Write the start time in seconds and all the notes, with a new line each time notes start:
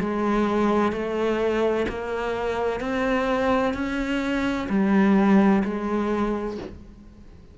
0.00 G#3
0.93 A3
1.89 A#3
2.81 C4
3.75 C#4
4.70 G3
5.65 G#3